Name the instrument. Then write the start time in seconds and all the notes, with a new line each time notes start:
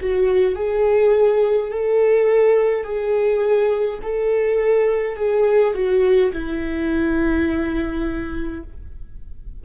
viola
0.00 F#4
0.56 G#4
1.72 A4
2.84 G#4
4.02 A4
5.17 G#4
5.74 F#4
6.33 E4